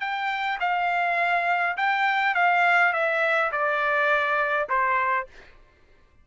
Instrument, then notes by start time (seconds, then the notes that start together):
trumpet
0.00 G5
0.60 F5
1.77 G5
2.34 F5
2.93 E5
3.52 D5
4.69 C5